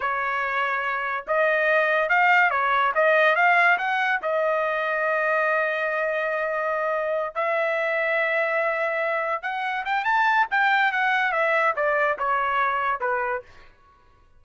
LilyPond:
\new Staff \with { instrumentName = "trumpet" } { \time 4/4 \tempo 4 = 143 cis''2. dis''4~ | dis''4 f''4 cis''4 dis''4 | f''4 fis''4 dis''2~ | dis''1~ |
dis''4. e''2~ e''8~ | e''2~ e''8 fis''4 g''8 | a''4 g''4 fis''4 e''4 | d''4 cis''2 b'4 | }